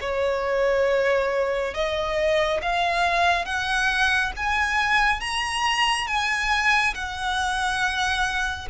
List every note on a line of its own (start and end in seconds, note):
0.00 1.74 C#5
1.74 2.60 D#5
2.62 3.45 F5
3.45 4.32 F#5
4.36 5.20 G#5
5.20 6.07 A#5
6.07 6.94 G#5
6.94 8.68 F#5